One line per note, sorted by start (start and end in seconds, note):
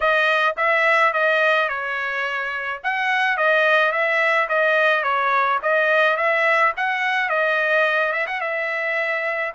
0.00 0.55 D#5
0.57 1.13 E5
1.13 1.68 D#5
1.68 2.81 C#5
2.83 3.37 F#5
3.37 3.92 D#5
3.92 4.48 E5
4.49 5.03 D#5
5.03 5.59 C#5
5.62 6.16 D#5
6.16 6.72 E5
6.76 7.29 F#5
7.29 8.12 D#5
8.12 8.26 E5
8.26 8.40 F#5
8.40 9.53 E5